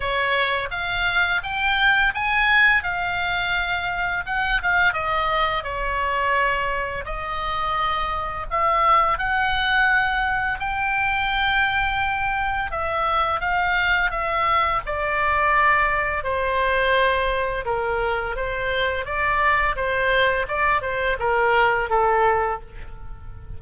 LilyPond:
\new Staff \with { instrumentName = "oboe" } { \time 4/4 \tempo 4 = 85 cis''4 f''4 g''4 gis''4 | f''2 fis''8 f''8 dis''4 | cis''2 dis''2 | e''4 fis''2 g''4~ |
g''2 e''4 f''4 | e''4 d''2 c''4~ | c''4 ais'4 c''4 d''4 | c''4 d''8 c''8 ais'4 a'4 | }